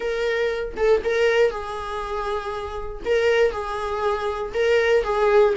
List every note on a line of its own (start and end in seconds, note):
0.00 0.74 A#4
0.77 1.02 A4
1.04 1.50 A#4
1.50 3.02 G#4
3.05 3.51 A#4
3.51 4.52 G#4
4.54 5.03 A#4
5.03 5.54 G#4